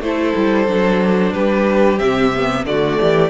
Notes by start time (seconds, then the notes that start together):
0.00 A3 E4 C5
0.07 A4
0.36 G3
0.67 F#3 D4
1.33 G3 G4 B4
1.98 C3 C4 E5
2.35 B3
2.65 D3 A3 F#4 D5
3.00 E3 G4